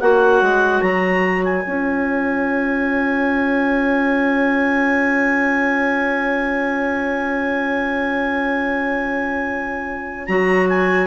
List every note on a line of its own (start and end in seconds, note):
0.00 0.42 A#3
0.00 1.64 F#4
0.00 11.07 C#5
0.00 0.82 F#5
0.42 0.82 G#3
0.82 1.64 F#3
0.82 1.43 A#5
1.44 10.26 G#5
1.64 10.28 C#4
1.64 10.27 F4
10.26 11.07 F#3
10.26 11.07 F#4
10.26 10.67 A#5
10.69 11.07 G#5